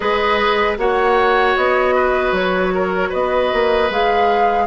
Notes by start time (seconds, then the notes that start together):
0.00 G#3 G#4 B4 D#5
0.77 A#3 F#4 C#5 F#5
1.56 B3 D#5
1.95 B4
2.32 F#3 C#5
2.74 A#4
3.09 B3 B4 D#5
3.53 A#3
3.89 G#3 G#4 F5